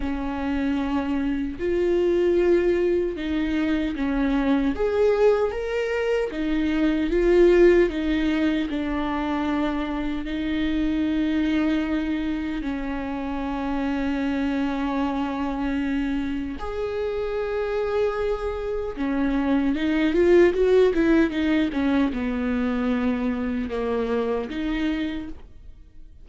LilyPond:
\new Staff \with { instrumentName = "viola" } { \time 4/4 \tempo 4 = 76 cis'2 f'2 | dis'4 cis'4 gis'4 ais'4 | dis'4 f'4 dis'4 d'4~ | d'4 dis'2. |
cis'1~ | cis'4 gis'2. | cis'4 dis'8 f'8 fis'8 e'8 dis'8 cis'8 | b2 ais4 dis'4 | }